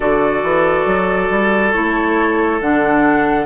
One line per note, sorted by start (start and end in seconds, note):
0.00 0.43 D3
0.00 1.73 F#4
0.00 3.46 A4
0.00 1.72 D5
0.43 0.85 E3
0.85 1.29 F#3
1.30 1.73 G3
1.72 2.61 A3
1.72 2.60 E4
1.72 2.59 C#5
2.61 3.46 D3
2.61 3.46 D4
2.61 3.46 F#5